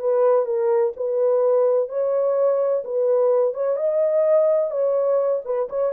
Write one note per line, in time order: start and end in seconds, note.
0.00 0.46 B4
0.46 0.93 A#4
0.97 1.89 B4
1.89 2.84 C#5
2.85 3.54 B4
3.54 3.77 C#5
3.77 4.71 D#5
4.71 5.42 C#5
5.45 5.69 B4
5.70 5.93 C#5